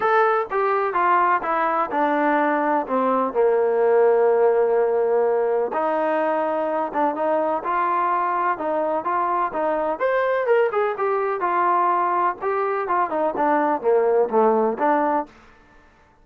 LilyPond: \new Staff \with { instrumentName = "trombone" } { \time 4/4 \tempo 4 = 126 a'4 g'4 f'4 e'4 | d'2 c'4 ais4~ | ais1 | dis'2~ dis'8 d'8 dis'4 |
f'2 dis'4 f'4 | dis'4 c''4 ais'8 gis'8 g'4 | f'2 g'4 f'8 dis'8 | d'4 ais4 a4 d'4 | }